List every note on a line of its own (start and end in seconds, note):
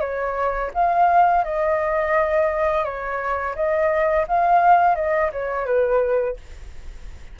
0.00 0.71 C#5
0.74 1.44 F5
1.44 2.85 D#5
2.85 3.55 C#5
3.56 4.26 D#5
4.28 4.95 F5
4.95 5.31 D#5
5.32 5.66 C#5
5.66 6.36 B4